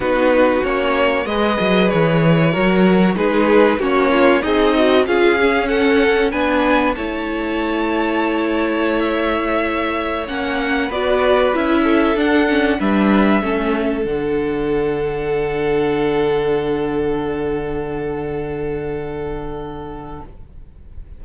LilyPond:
<<
  \new Staff \with { instrumentName = "violin" } { \time 4/4 \tempo 4 = 95 b'4 cis''4 dis''4 cis''4~ | cis''4 b'4 cis''4 dis''4 | f''4 fis''4 gis''4 a''4~ | a''2~ a''16 e''4.~ e''16~ |
e''16 fis''4 d''4 e''4 fis''8.~ | fis''16 e''2 fis''4.~ fis''16~ | fis''1~ | fis''1 | }
  \new Staff \with { instrumentName = "violin" } { \time 4/4 fis'2 b'2 | ais'4 gis'4 fis'8 f'8 dis'4 | gis'4 a'4 b'4 cis''4~ | cis''1~ |
cis''4~ cis''16 b'4. a'4~ a'16~ | a'16 b'4 a'2~ a'8.~ | a'1~ | a'1 | }
  \new Staff \with { instrumentName = "viola" } { \time 4/4 dis'4 cis'4 gis'2 | fis'4 dis'4 cis'4 gis'8 fis'8 | f'8 cis'4. d'4 e'4~ | e'1~ |
e'16 cis'4 fis'4 e'4 d'8 cis'16~ | cis'16 d'4 cis'4 d'4.~ d'16~ | d'1~ | d'1 | }
  \new Staff \with { instrumentName = "cello" } { \time 4/4 b4 ais4 gis8 fis8 e4 | fis4 gis4 ais4 c'4 | cis'2 b4 a4~ | a1~ |
a16 ais4 b4 cis'4 d'8.~ | d'16 g4 a4 d4.~ d16~ | d1~ | d1 | }
>>